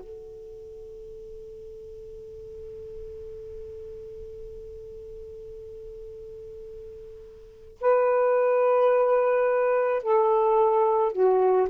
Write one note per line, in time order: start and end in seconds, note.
0.00 7.78 A4
7.81 10.03 B4
10.03 11.13 A4
11.13 11.68 F#4